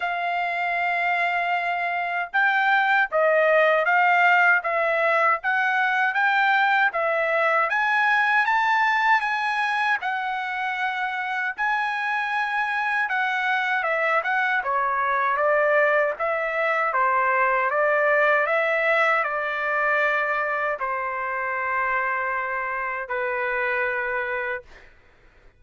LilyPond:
\new Staff \with { instrumentName = "trumpet" } { \time 4/4 \tempo 4 = 78 f''2. g''4 | dis''4 f''4 e''4 fis''4 | g''4 e''4 gis''4 a''4 | gis''4 fis''2 gis''4~ |
gis''4 fis''4 e''8 fis''8 cis''4 | d''4 e''4 c''4 d''4 | e''4 d''2 c''4~ | c''2 b'2 | }